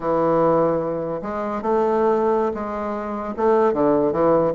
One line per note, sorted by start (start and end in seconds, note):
0.00 1.21 E3
1.22 1.61 G#3
1.61 2.52 A3
2.54 3.34 G#3
3.36 3.73 A3
3.73 4.12 D3
4.12 4.52 E3